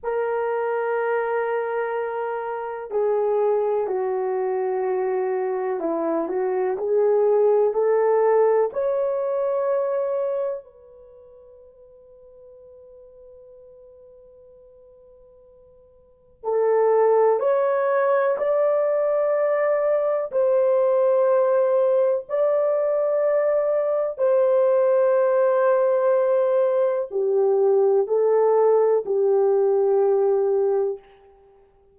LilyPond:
\new Staff \with { instrumentName = "horn" } { \time 4/4 \tempo 4 = 62 ais'2. gis'4 | fis'2 e'8 fis'8 gis'4 | a'4 cis''2 b'4~ | b'1~ |
b'4 a'4 cis''4 d''4~ | d''4 c''2 d''4~ | d''4 c''2. | g'4 a'4 g'2 | }